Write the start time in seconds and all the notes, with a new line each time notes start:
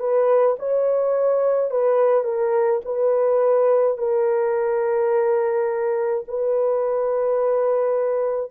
0.00 B4
0.60 C#5
1.71 B4
2.24 A#4
2.86 B4
3.98 A#4
6.28 B4